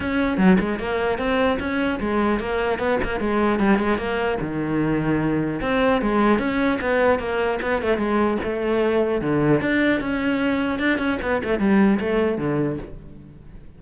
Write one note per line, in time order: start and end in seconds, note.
0.00 0.37 C#4
0.37 0.57 F#3
0.59 0.79 G#3
0.79 1.18 A#3
1.18 1.58 C4
1.59 1.99 C#4
2.00 2.39 G#3
2.39 2.78 A#3
2.78 2.98 B3
3.03 3.19 A#3
3.19 3.59 G#3
3.59 3.78 G3
3.78 3.97 G#3
3.97 4.37 A#3
4.41 5.61 D#3
5.61 6.01 C4
6.01 6.38 G#3
6.38 6.78 C#4
6.81 7.19 B3
7.19 7.59 A#3
7.61 7.81 B3
7.81 7.97 A3
7.97 8.37 G#3
8.43 9.21 A3
9.21 9.61 D3
9.61 10.00 D4
10.00 10.79 C#4
10.79 10.98 D4
10.98 11.18 C#4
11.22 11.42 B3
11.43 11.59 A3
11.59 11.99 G3
12.00 12.38 A3
12.38 12.78 D3